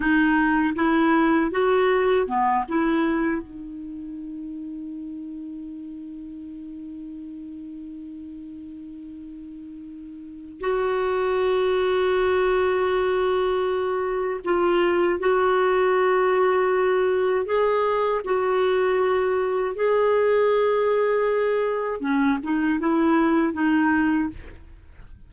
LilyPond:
\new Staff \with { instrumentName = "clarinet" } { \time 4/4 \tempo 4 = 79 dis'4 e'4 fis'4 b8 e'8~ | e'8 dis'2.~ dis'8~ | dis'1~ | dis'2 fis'2~ |
fis'2. f'4 | fis'2. gis'4 | fis'2 gis'2~ | gis'4 cis'8 dis'8 e'4 dis'4 | }